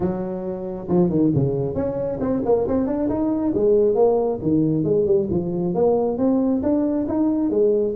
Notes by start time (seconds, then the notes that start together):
0.00 F#3
0.88 F3
1.09 D#3
1.34 C#3
1.74 C#4
2.20 C4
2.45 A#3
2.67 C4
2.87 D4
3.09 D#4
3.54 G#3
3.95 A#3
4.42 D#3
4.83 G#3
5.06 G3
5.30 F3
5.74 A#3
6.17 C4
6.62 D4
7.07 D#4
7.50 G#3